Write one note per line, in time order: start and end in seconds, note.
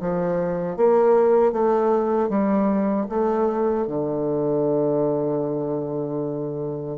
0.00 0.77 F3
0.77 1.52 A#3
1.52 2.29 A3
2.29 3.07 G3
3.09 3.87 A3
3.87 6.98 D3